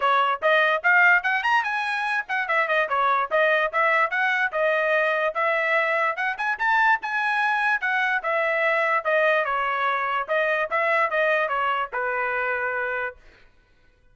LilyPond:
\new Staff \with { instrumentName = "trumpet" } { \time 4/4 \tempo 4 = 146 cis''4 dis''4 f''4 fis''8 ais''8 | gis''4. fis''8 e''8 dis''8 cis''4 | dis''4 e''4 fis''4 dis''4~ | dis''4 e''2 fis''8 gis''8 |
a''4 gis''2 fis''4 | e''2 dis''4 cis''4~ | cis''4 dis''4 e''4 dis''4 | cis''4 b'2. | }